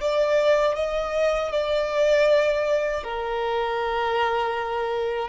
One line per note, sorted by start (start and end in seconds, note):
0.00 0.75 D5
0.75 1.51 D#5
1.51 3.03 D5
3.03 5.28 A#4